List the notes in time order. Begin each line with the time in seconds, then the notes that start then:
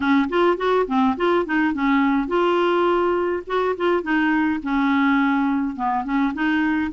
0.00 C#4
0.29 F4
0.57 F#4
0.87 C4
1.17 F4
1.45 D#4
1.73 C#4
2.27 F4
3.46 F#4
3.76 F4
4.02 D#4
4.62 C#4
5.75 B3
6.04 C#4
6.33 D#4